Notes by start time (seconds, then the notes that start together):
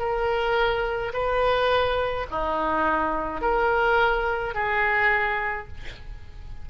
0.00 A#4
1.14 B4
2.31 D#4
3.42 A#4
4.55 G#4